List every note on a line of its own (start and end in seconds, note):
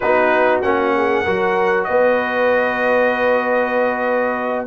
0.00 0.63 B3
0.00 0.63 D#4
0.00 0.94 F#4
0.00 0.61 B4
0.61 1.25 A#3
0.61 1.25 C#4
0.61 1.84 F#5
0.96 1.24 G#4
1.24 1.88 F#3
1.24 4.67 F#4
1.24 1.86 A#4
1.84 4.67 B3
1.84 4.67 B4
1.84 4.65 D#5